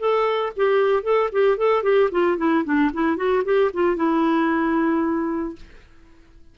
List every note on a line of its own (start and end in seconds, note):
0.00 0.53 A4
0.57 1.04 G4
1.04 1.30 A4
1.33 1.58 G4
1.58 1.84 A4
1.84 2.10 G4
2.12 2.38 F4
2.38 2.65 E4
2.65 2.92 D4
2.94 3.17 E4
3.17 3.43 F#4
3.45 3.72 G4
3.74 3.97 F4
3.97 5.56 E4